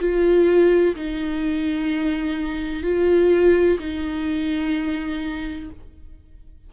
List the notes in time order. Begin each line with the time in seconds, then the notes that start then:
0.00 F4
0.96 D#4
2.84 F4
3.80 D#4